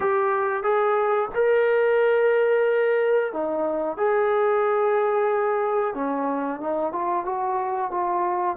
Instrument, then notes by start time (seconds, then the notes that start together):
trombone
0.00 G4
0.63 G#4
1.35 A#4
3.33 D#4
3.97 G#4
5.94 C#4
6.60 D#4
6.92 F4
7.25 F#4
7.91 F4